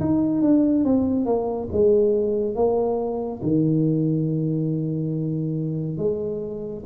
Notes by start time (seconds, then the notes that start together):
0.00 D#4
0.42 D4
0.85 C4
1.26 A#3
1.72 G#3
2.56 A#3
3.43 D#3
5.98 G#3